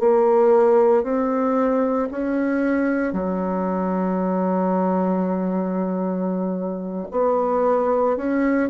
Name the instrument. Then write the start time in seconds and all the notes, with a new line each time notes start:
bassoon
0.00 A#3
1.03 C4
2.11 C#4
3.13 F#3
7.11 B3
8.17 C#4